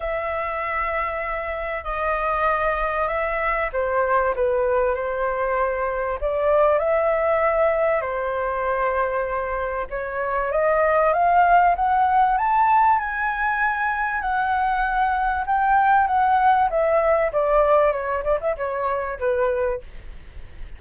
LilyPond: \new Staff \with { instrumentName = "flute" } { \time 4/4 \tempo 4 = 97 e''2. dis''4~ | dis''4 e''4 c''4 b'4 | c''2 d''4 e''4~ | e''4 c''2. |
cis''4 dis''4 f''4 fis''4 | a''4 gis''2 fis''4~ | fis''4 g''4 fis''4 e''4 | d''4 cis''8 d''16 e''16 cis''4 b'4 | }